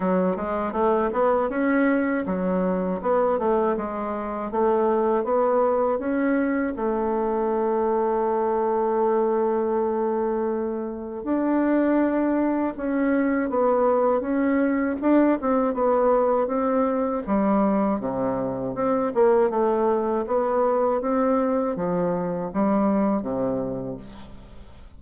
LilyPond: \new Staff \with { instrumentName = "bassoon" } { \time 4/4 \tempo 4 = 80 fis8 gis8 a8 b8 cis'4 fis4 | b8 a8 gis4 a4 b4 | cis'4 a2.~ | a2. d'4~ |
d'4 cis'4 b4 cis'4 | d'8 c'8 b4 c'4 g4 | c4 c'8 ais8 a4 b4 | c'4 f4 g4 c4 | }